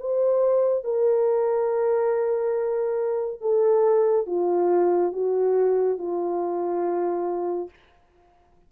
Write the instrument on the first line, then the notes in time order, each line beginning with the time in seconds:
horn
0.00 C5
0.84 A#4
3.41 A4
4.27 F4
5.12 F#4
5.98 F4